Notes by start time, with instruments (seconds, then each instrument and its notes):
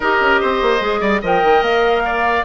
0.00 bassoon D#4, clarinet G4, oboe A#4, flute D#5
0.20 bassoon C#4
0.40 bassoon C4, oboe C5
0.61 bassoon A#3
0.80 bassoon G#3, clarinet G#4
1.00 bassoon G3, oboe D5
1.21 bassoon F3, clarinet A#4, oboe D#5, flute G5
1.43 bassoon D#3
1.61 bassoon A#3, flute F5
2.05 oboe D5